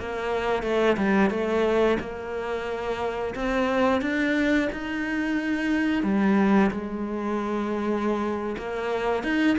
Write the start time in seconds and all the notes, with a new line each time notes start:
0.00 A#3
0.63 A3
0.97 G3
1.31 A3
2.00 A#3
3.36 C4
4.02 D4
4.73 D#4
6.04 G3
6.71 G#3
8.58 A#3
9.24 D#4